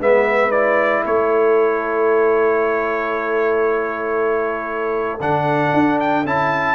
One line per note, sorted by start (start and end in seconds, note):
0.00 1.05 G#3
0.00 0.50 B3
0.00 1.04 B4
0.00 0.52 E5
0.50 5.20 E4
0.50 1.04 D5
1.04 5.20 A3
1.04 6.75 A4
1.04 5.21 C#5
5.20 5.73 D3
5.20 6.26 D4
5.20 5.99 F#5
5.73 6.26 D4
6.00 6.26 G5
6.26 6.75 C#4
6.26 6.75 E4
6.26 6.75 A5